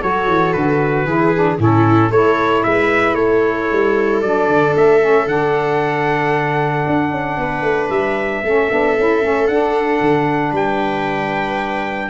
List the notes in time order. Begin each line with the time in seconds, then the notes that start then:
0.00 F#3 F#4 A4 C#5
0.28 E3
0.53 D3 B4
1.05 E3 E4 G#4
1.35 D4
1.58 A2 C#4 E4 A4
2.10 A3 E4 A4 C#5
2.63 G#3 B4 E5
3.13 A3 A4 C#5
3.72 G3
4.21 F#3 D4 D5
4.48 D3
4.76 A3 E5
5.00 C#4
5.26 D3 D4 F#5
6.87 D4
7.11 C#4
7.37 B3 B4
7.62 A3
7.89 G3 E5
8.43 A3 C#4 A4
8.70 B3 D4
8.97 C#4 E4
9.22 A3 C#4
9.47 D4 F#5
10.00 D3
10.51 G3 B4 G5